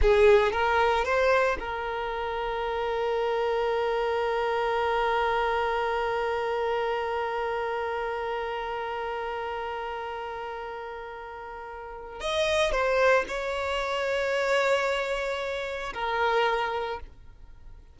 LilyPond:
\new Staff \with { instrumentName = "violin" } { \time 4/4 \tempo 4 = 113 gis'4 ais'4 c''4 ais'4~ | ais'1~ | ais'1~ | ais'1~ |
ais'1~ | ais'2. dis''4 | c''4 cis''2.~ | cis''2 ais'2 | }